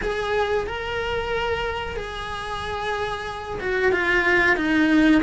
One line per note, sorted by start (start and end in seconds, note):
0.02 0.67 G#4
0.67 1.96 A#4
1.96 3.59 G#4
3.60 3.91 F#4
3.91 4.56 F4
4.56 5.21 D#4